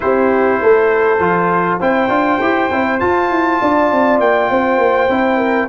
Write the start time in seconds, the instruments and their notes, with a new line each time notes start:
0.00 tuba C4, trombone E4, horn G4, trumpet C5
0.61 tuba A3, horn A4
1.19 tuba F3, trombone F4
1.80 tuba C4, trombone E4, horn C5, trumpet G5
2.08 tuba D4, trombone F4
2.41 tuba E4, trombone G4
2.71 tuba C4, trombone E4
2.99 trombone F4, tuba F4, trumpet A5
3.30 tuba E4
3.61 tuba D4, horn D5
3.91 tuba C4
4.19 tuba A#3, trumpet G5
4.50 tuba C4, horn C5
4.78 tuba A#3
5.08 tuba C4, trombone E4
5.37 horn A#4